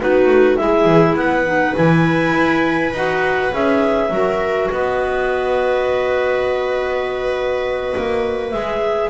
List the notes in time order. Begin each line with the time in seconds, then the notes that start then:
0.00 B3 D#4 F#4 B4
0.27 A3
0.57 G#3 E4 E5
0.63 G#4
0.86 E3
1.15 B3 B4 F#5
1.46 D#4
1.76 E3 E4 G#5
2.34 E4
2.93 D#4 F#4 F#5
3.52 C#4 G#4 E5
4.10 F#3 F#4 A#4
4.71 B3 B4 D#5
7.97 A#3
8.51 G#3 G#4 E5